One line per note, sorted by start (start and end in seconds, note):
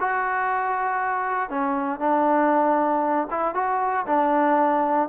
0.00 1.50 F#4
1.50 2.00 C#4
2.00 3.28 D4
3.31 3.55 E4
3.55 4.06 F#4
4.07 5.10 D4